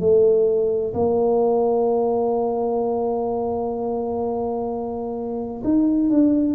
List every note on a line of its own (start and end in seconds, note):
0.00 0.94 A3
0.94 5.62 A#3
5.64 6.10 D#4
6.10 6.55 D4